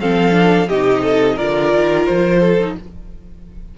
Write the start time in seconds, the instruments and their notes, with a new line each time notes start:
0.00 cello F3, viola C4, violin A4 F5
0.32 viola D4
0.68 cello C3, viola D#4, violin G4 D#5
1.03 violin A4
1.35 cello D3, viola F4, violin A#4 D5
1.74 cello D#3
2.06 cello F3, violin C5
2.39 violin A4
2.59 viola D#4